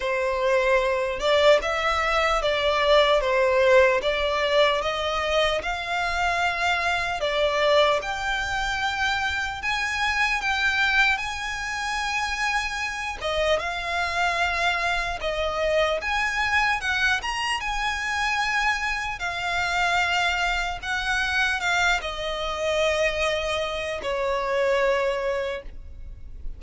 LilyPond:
\new Staff \with { instrumentName = "violin" } { \time 4/4 \tempo 4 = 75 c''4. d''8 e''4 d''4 | c''4 d''4 dis''4 f''4~ | f''4 d''4 g''2 | gis''4 g''4 gis''2~ |
gis''8 dis''8 f''2 dis''4 | gis''4 fis''8 ais''8 gis''2 | f''2 fis''4 f''8 dis''8~ | dis''2 cis''2 | }